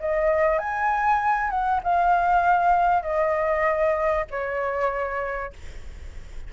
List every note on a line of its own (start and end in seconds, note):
0.00 0.58 D#5
0.58 1.50 G#5
1.50 1.81 F#5
1.83 3.02 F5
3.02 4.25 D#5
4.31 5.53 C#5